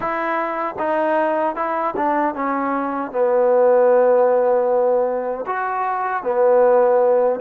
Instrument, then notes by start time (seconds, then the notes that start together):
trombone
0.00 E4
0.78 D#4
1.55 E4
1.96 D4
2.34 C#4
3.11 B3
5.46 F#4
6.23 B3